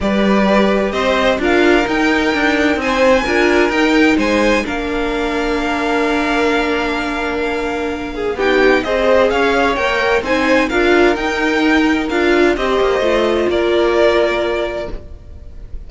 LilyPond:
<<
  \new Staff \with { instrumentName = "violin" } { \time 4/4 \tempo 4 = 129 d''2 dis''4 f''4 | g''2 gis''2 | g''4 gis''4 f''2~ | f''1~ |
f''2 g''4 dis''4 | f''4 g''4 gis''4 f''4 | g''2 f''4 dis''4~ | dis''4 d''2. | }
  \new Staff \with { instrumentName = "violin" } { \time 4/4 b'2 c''4 ais'4~ | ais'2 c''4 ais'4~ | ais'4 c''4 ais'2~ | ais'1~ |
ais'4. gis'8 g'4 c''4 | cis''2 c''4 ais'4~ | ais'2. c''4~ | c''4 ais'2. | }
  \new Staff \with { instrumentName = "viola" } { \time 4/4 g'2. f'4 | dis'2. f'4 | dis'2 d'2~ | d'1~ |
d'2 dis'4 gis'4~ | gis'4 ais'4 dis'4 f'4 | dis'2 f'4 g'4 | f'1 | }
  \new Staff \with { instrumentName = "cello" } { \time 4/4 g2 c'4 d'4 | dis'4 d'4 c'4 d'4 | dis'4 gis4 ais2~ | ais1~ |
ais2 b4 c'4 | cis'4 ais4 c'4 d'4 | dis'2 d'4 c'8 ais8 | a4 ais2. | }
>>